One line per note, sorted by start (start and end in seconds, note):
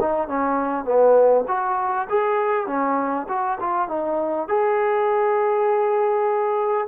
0.00 0.28 D#4
0.28 0.85 C#4
0.85 1.45 B3
1.48 2.08 F#4
2.09 2.67 G#4
2.67 3.27 C#4
3.28 3.58 F#4
3.60 3.88 F4
3.88 4.48 D#4
4.48 6.87 G#4